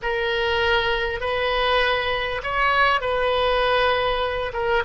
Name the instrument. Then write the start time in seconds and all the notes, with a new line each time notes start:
oboe
0.02 A#4
1.20 B4
2.43 C#5
3.01 B4
4.53 A#4